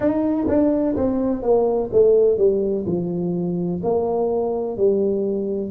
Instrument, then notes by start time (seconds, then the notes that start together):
tuba
0.00 D#4
0.48 D4
0.96 C4
1.42 A#3
1.92 A3
2.37 G3
2.86 F3
3.83 A#3
4.77 G3